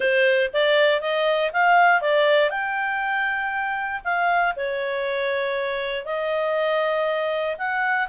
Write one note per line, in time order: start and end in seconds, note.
0.00 0.50 C5
0.53 1.01 D5
1.01 1.51 D#5
1.52 2.01 F5
2.01 2.50 D5
2.50 4.01 G5
4.04 4.54 F5
4.56 6.05 C#5
6.05 7.56 D#5
7.57 8.08 F#5